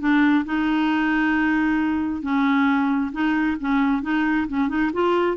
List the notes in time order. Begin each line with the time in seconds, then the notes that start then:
0.00 D4
0.45 D#4
2.22 C#4
3.12 D#4
3.60 C#4
4.02 D#4
4.48 C#4
4.69 D#4
4.93 F4